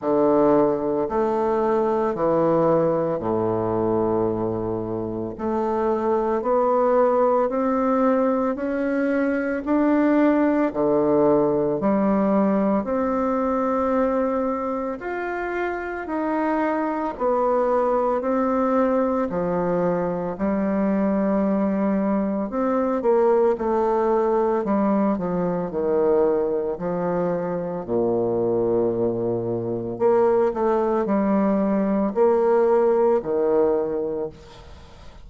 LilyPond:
\new Staff \with { instrumentName = "bassoon" } { \time 4/4 \tempo 4 = 56 d4 a4 e4 a,4~ | a,4 a4 b4 c'4 | cis'4 d'4 d4 g4 | c'2 f'4 dis'4 |
b4 c'4 f4 g4~ | g4 c'8 ais8 a4 g8 f8 | dis4 f4 ais,2 | ais8 a8 g4 ais4 dis4 | }